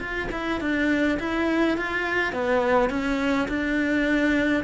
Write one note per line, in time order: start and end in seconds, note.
0.00 0.29 F4
0.32 0.61 E4
0.61 1.19 D4
1.20 1.78 E4
1.78 2.33 F4
2.33 2.90 B3
2.90 3.48 C#4
3.49 4.64 D4